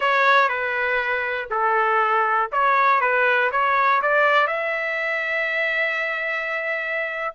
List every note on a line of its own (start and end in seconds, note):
0.00 0.49 C#5
0.49 1.49 B4
1.50 2.50 A4
2.52 3.00 C#5
3.00 3.50 B4
3.51 4.01 C#5
4.02 4.47 D5
4.47 7.34 E5